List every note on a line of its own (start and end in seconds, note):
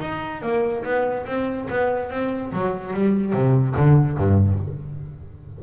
0.00 0.42 D#4
0.42 0.83 A#3
0.84 1.25 B3
1.26 1.67 C4
1.69 2.10 B3
2.10 2.51 C4
2.52 2.93 F#3
2.93 3.33 G3
3.33 3.75 C3
3.76 4.17 D3
4.17 4.59 G2